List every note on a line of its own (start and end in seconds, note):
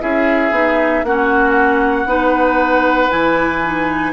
0.00 0.51 C#4
0.00 0.52 E4
0.00 1.05 G#4
0.00 1.05 E5
0.51 1.03 B3
0.51 1.04 D#4
1.03 2.05 A#3
1.03 2.07 C#4
1.03 2.08 F#4
1.03 3.10 F#5
2.05 3.09 B3
2.05 3.09 D#4
2.05 4.13 B4
3.09 4.13 E3
3.09 3.61 E4
3.09 4.13 G#5
3.64 4.13 D#4